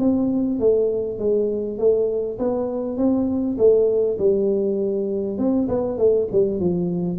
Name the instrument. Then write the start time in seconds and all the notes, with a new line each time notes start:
tuba
0.00 C4
0.60 A3
1.19 G#3
1.79 A3
2.39 B3
2.98 C4
3.59 A3
4.19 G3
5.39 C4
5.69 B3
5.99 A3
6.32 G3
6.60 F3